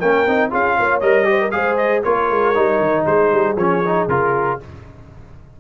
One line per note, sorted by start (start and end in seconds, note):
0.00 0.26 A#3
0.00 0.27 C#4
0.00 0.51 A#4
0.00 0.51 G5
0.26 0.52 C4
0.26 0.51 D#4
0.51 0.79 C#4
0.51 1.01 F4
0.51 0.76 G#4
0.51 1.00 F5
0.77 1.02 A#3
0.77 1.28 C#5
1.00 1.53 G3
1.00 1.25 A#4
1.00 1.51 D#5
1.25 1.50 G4
1.25 1.41 C5
1.41 1.54 A#4
1.51 2.04 G#3
1.51 2.02 G#4
1.51 2.03 C5
1.51 1.77 F5
1.77 2.03 D#5
2.03 2.31 A#3
2.03 2.55 F4
2.03 3.05 A#4
2.03 3.05 C#5
2.31 2.56 G#3
2.55 2.80 G3
2.55 3.56 D#4
2.80 3.06 D#3
3.06 3.32 G#3
3.06 4.60 G#4
3.06 3.57 C5
3.32 3.56 G3
3.56 4.07 F3
3.56 3.85 C#4
3.56 4.09 C#5
3.85 4.10 D#4
4.07 4.58 C#3
4.07 4.60 F4
4.07 4.60 A#4